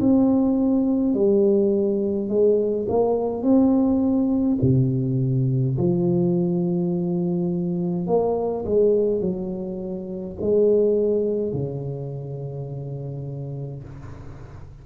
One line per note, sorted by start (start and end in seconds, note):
0.00 1.14 C4
1.14 2.29 G3
2.29 2.86 G#3
2.88 3.42 A#3
3.42 4.58 C4
4.62 5.77 C3
5.77 8.07 F3
8.07 8.64 A#3
8.65 9.20 G#3
9.20 10.36 F#3
10.41 11.53 G#3
11.53 13.84 C#3